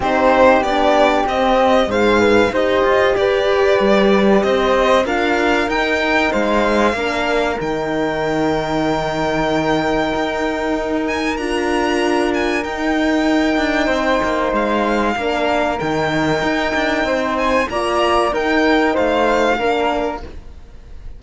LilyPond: <<
  \new Staff \with { instrumentName = "violin" } { \time 4/4 \tempo 4 = 95 c''4 d''4 dis''4 f''4 | dis''4 d''2 dis''4 | f''4 g''4 f''2 | g''1~ |
g''4. gis''8 ais''4. gis''8 | g''2. f''4~ | f''4 g''2~ g''8 gis''8 | ais''4 g''4 f''2 | }
  \new Staff \with { instrumentName = "flute" } { \time 4/4 g'2. c''8 b'8 | c''4 b'2 c''4 | ais'2 c''4 ais'4~ | ais'1~ |
ais'1~ | ais'2 c''2 | ais'2. c''4 | d''4 ais'4 c''4 ais'4 | }
  \new Staff \with { instrumentName = "horn" } { \time 4/4 dis'4 d'4 c'4 gis'4 | g'1 | f'4 dis'2 d'4 | dis'1~ |
dis'2 f'2 | dis'1 | d'4 dis'2. | f'4 dis'2 d'4 | }
  \new Staff \with { instrumentName = "cello" } { \time 4/4 c'4 b4 c'4 gis,4 | dis'8 f'8 g'4 g4 c'4 | d'4 dis'4 gis4 ais4 | dis1 |
dis'2 d'2 | dis'4. d'8 c'8 ais8 gis4 | ais4 dis4 dis'8 d'8 c'4 | ais4 dis'4 a4 ais4 | }
>>